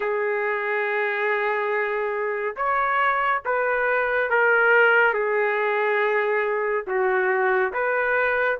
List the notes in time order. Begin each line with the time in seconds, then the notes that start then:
0.00 G#4
2.56 C#5
3.45 B4
4.30 A#4
5.13 G#4
6.86 F#4
7.73 B4